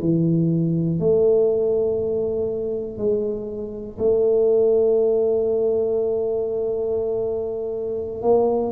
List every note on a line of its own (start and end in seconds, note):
0.00 1.00 E3
1.00 2.98 A3
2.98 3.98 G#3
3.99 8.22 A3
8.22 8.72 A#3